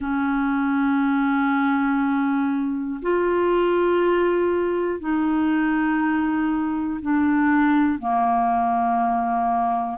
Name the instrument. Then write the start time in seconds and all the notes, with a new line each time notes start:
clarinet
0.00 C#4
3.02 F4
5.00 D#4
7.01 D4
7.99 A#3